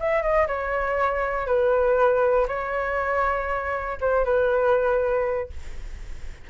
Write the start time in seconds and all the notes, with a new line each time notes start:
0.00 E5
0.22 D#5
0.47 C#5
1.47 B4
2.48 C#5
4.01 C5
4.25 B4